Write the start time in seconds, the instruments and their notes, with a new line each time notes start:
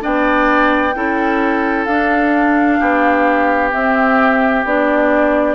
0.00 bassoon B3, clarinet D4, oboe D5, flute G5
0.95 bassoon C#4, clarinet E4, oboe A4
1.85 bassoon D4, clarinet D4, flute F5
2.79 bassoon B3, oboe G4
3.71 clarinet C4, bassoon C4, flute E5
4.64 bassoon B3, clarinet D4, flute D5